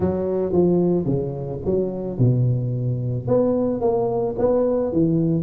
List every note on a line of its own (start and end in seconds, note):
0.00 0.52 F#3
0.52 1.05 F3
1.05 1.60 C#3
1.65 2.18 F#3
2.18 3.27 B2
3.27 3.81 B3
3.81 4.35 A#3
4.38 4.92 B3
4.92 5.43 E3